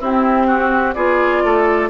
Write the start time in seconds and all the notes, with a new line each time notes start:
0.00 C4 E4 G4
0.47 F#4
0.94 B3 F4 G#4 D5
1.43 A3 A4